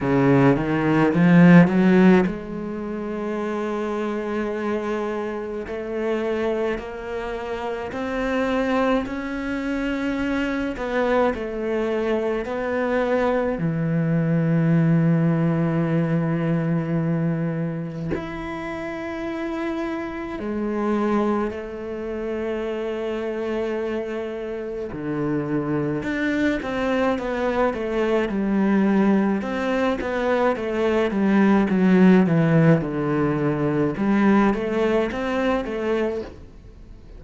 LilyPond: \new Staff \with { instrumentName = "cello" } { \time 4/4 \tempo 4 = 53 cis8 dis8 f8 fis8 gis2~ | gis4 a4 ais4 c'4 | cis'4. b8 a4 b4 | e1 |
e'2 gis4 a4~ | a2 d4 d'8 c'8 | b8 a8 g4 c'8 b8 a8 g8 | fis8 e8 d4 g8 a8 c'8 a8 | }